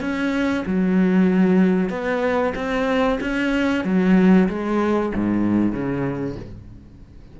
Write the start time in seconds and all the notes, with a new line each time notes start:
0.00 C#4
0.66 F#3
1.89 B3
2.55 C4
3.21 C#4
3.84 F#3
4.48 G#3
5.14 G#2
5.72 C#3